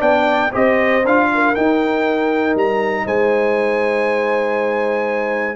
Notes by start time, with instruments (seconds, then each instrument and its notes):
0.00 tuba B3, trombone D4, horn D5, trumpet G5
0.52 tuba C4, trombone G4, horn C5, trumpet D#5
1.05 tuba D4, trombone F4, trumpet F5
1.35 horn A#4
1.55 trombone D#4, tuba D#4, trumpet G5
2.55 tuba G3, trumpet A#5
3.06 tuba G#3, horn C5, trumpet G#5